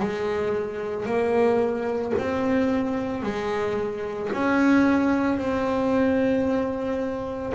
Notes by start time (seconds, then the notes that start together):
0.00 G#3
1.06 A#3
2.18 C4
3.23 G#3
4.33 C#4
5.38 C4